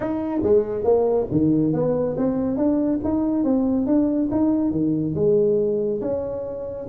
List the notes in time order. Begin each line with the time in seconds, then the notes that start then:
0.00 D#4
0.42 G#3
0.84 A#3
1.31 D#3
1.73 B3
2.17 C4
2.56 D4
3.04 D#4
3.44 C4
3.86 D4
4.31 D#4
4.71 D#3
5.14 G#3
6.01 C#4